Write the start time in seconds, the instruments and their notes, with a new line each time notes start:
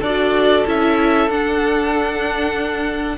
0.00 cello D4, viola F#4, violin A4 D5
0.66 cello C#4, viola E4, violin E5
1.27 cello D4, viola D4, violin F#5